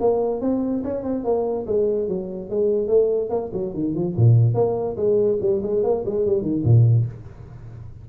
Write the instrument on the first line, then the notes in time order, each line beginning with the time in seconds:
tuba
0.00 A#3
0.41 C4
0.84 C#4
1.03 C4
1.24 A#3
1.66 G#3
2.08 F#3
2.50 G#3
2.88 A3
3.30 A#3
3.53 F#3
3.74 D#3
3.94 F3
4.16 A#2
4.54 A#3
4.97 G#3
5.41 G3
5.62 G#3
5.83 A#3
6.05 G#3
6.26 G3
6.42 D#3
6.64 A#2